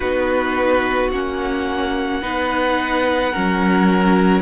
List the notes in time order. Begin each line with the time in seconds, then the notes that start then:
0.00 B3 D#4 F#4 B4
1.11 A#3 C#4 F#5
2.22 B3 D#4 B4
3.32 F#3 C#4 A#4